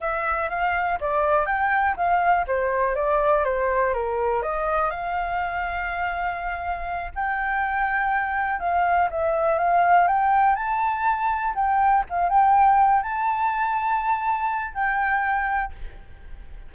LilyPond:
\new Staff \with { instrumentName = "flute" } { \time 4/4 \tempo 4 = 122 e''4 f''4 d''4 g''4 | f''4 c''4 d''4 c''4 | ais'4 dis''4 f''2~ | f''2~ f''8 g''4.~ |
g''4. f''4 e''4 f''8~ | f''8 g''4 a''2 g''8~ | g''8 f''8 g''4. a''4.~ | a''2 g''2 | }